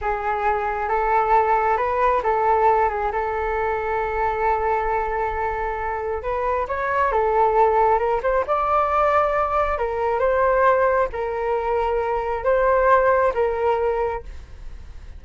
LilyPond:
\new Staff \with { instrumentName = "flute" } { \time 4/4 \tempo 4 = 135 gis'2 a'2 | b'4 a'4. gis'8 a'4~ | a'1~ | a'2 b'4 cis''4 |
a'2 ais'8 c''8 d''4~ | d''2 ais'4 c''4~ | c''4 ais'2. | c''2 ais'2 | }